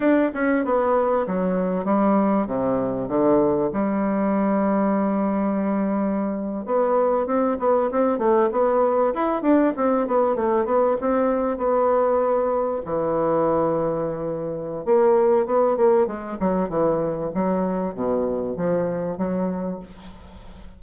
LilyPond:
\new Staff \with { instrumentName = "bassoon" } { \time 4/4 \tempo 4 = 97 d'8 cis'8 b4 fis4 g4 | c4 d4 g2~ | g2~ g8. b4 c'16~ | c'16 b8 c'8 a8 b4 e'8 d'8 c'16~ |
c'16 b8 a8 b8 c'4 b4~ b16~ | b8. e2.~ e16 | ais4 b8 ais8 gis8 fis8 e4 | fis4 b,4 f4 fis4 | }